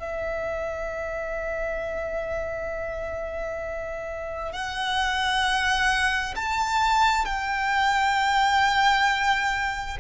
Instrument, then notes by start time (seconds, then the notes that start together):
violin
0.00 E5
4.53 F#5
6.36 A5
7.26 G5